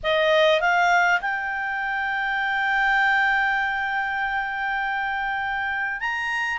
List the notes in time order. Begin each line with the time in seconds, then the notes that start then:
0.03 D#5
0.61 F5
1.21 G5
6.00 A#5